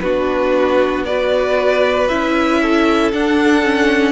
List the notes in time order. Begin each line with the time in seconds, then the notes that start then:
0.00 B3 D4 F#4 B4
1.05 F#4 B4 D5
2.08 C#4 E4 E5
2.62 A4
3.12 D4 F#5
3.63 C#4